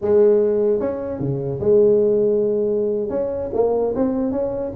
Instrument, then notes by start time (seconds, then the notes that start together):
tuba
0.01 G#3
0.80 C#4
1.19 C#3
1.60 G#3
3.09 C#4
3.53 A#3
3.95 C4
4.31 C#4